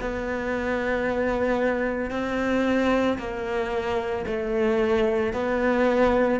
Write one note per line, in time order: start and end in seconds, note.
0.00 2.10 B3
2.10 3.18 C4
3.18 4.25 A#3
4.26 5.33 A3
5.33 6.40 B3